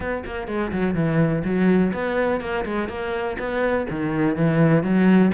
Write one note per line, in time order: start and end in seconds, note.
0.00 0.24 B3
0.25 0.47 A#3
0.47 0.71 G#3
0.71 0.94 F#3
0.94 1.42 E3
1.44 1.92 F#3
1.93 2.40 B3
2.40 2.64 A#3
2.65 2.88 G#3
2.88 3.37 A#3
3.38 3.87 B3
3.90 4.35 D#3
4.35 4.83 E3
4.83 5.31 F#3